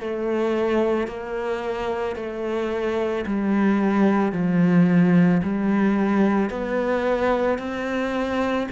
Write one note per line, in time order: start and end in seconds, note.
0.00 1.07 A3
1.07 2.16 A#3
2.16 3.25 A3
3.26 4.32 G3
4.32 5.41 F3
5.43 6.50 G3
6.50 7.59 B3
7.59 8.68 C4